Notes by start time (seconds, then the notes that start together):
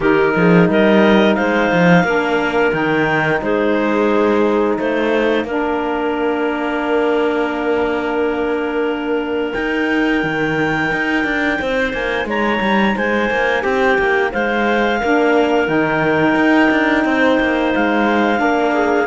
0.00 D#3 D#4 G4 A#4
0.36 F3 G#4
0.68 G3 A#4 D#5
1.35 G#3 C5 F5
1.72 F3
2.03 A#3 D4 A#4
2.73 D#3 D#4 G5
3.41 G#3 G#4 C5
4.77 A3 C5 F5
5.44 A#3 D4 A#4
9.53 D#4 G5
10.23 D#3
10.91 D#4
11.24 D4
11.59 C4 C5
11.93 A#3 G#5
12.25 G#3 C#5 A#5
12.61 G3
12.96 G#3 C5 G#5
13.30 A#3
13.62 C4 G4 G5
13.98 A#3
14.31 G#3 C5 F5
15.00 A#3 D4 A#4
15.66 D#3 D#4 G5
16.35 D#4
16.71 D4
17.04 C4 C5
17.39 A#3
17.74 G#3 F5
18.36 A#3 D4 A#4
18.73 G#4